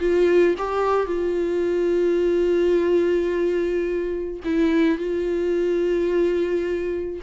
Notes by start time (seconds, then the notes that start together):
0.00 F4
0.59 G4
1.07 F4
4.45 E4
4.98 F4